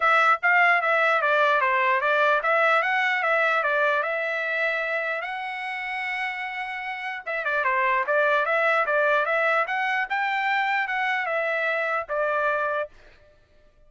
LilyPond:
\new Staff \with { instrumentName = "trumpet" } { \time 4/4 \tempo 4 = 149 e''4 f''4 e''4 d''4 | c''4 d''4 e''4 fis''4 | e''4 d''4 e''2~ | e''4 fis''2.~ |
fis''2 e''8 d''8 c''4 | d''4 e''4 d''4 e''4 | fis''4 g''2 fis''4 | e''2 d''2 | }